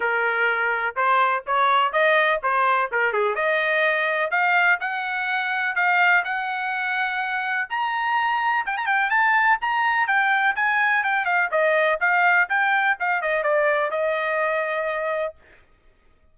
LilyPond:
\new Staff \with { instrumentName = "trumpet" } { \time 4/4 \tempo 4 = 125 ais'2 c''4 cis''4 | dis''4 c''4 ais'8 gis'8 dis''4~ | dis''4 f''4 fis''2 | f''4 fis''2. |
ais''2 g''16 ais''16 g''8 a''4 | ais''4 g''4 gis''4 g''8 f''8 | dis''4 f''4 g''4 f''8 dis''8 | d''4 dis''2. | }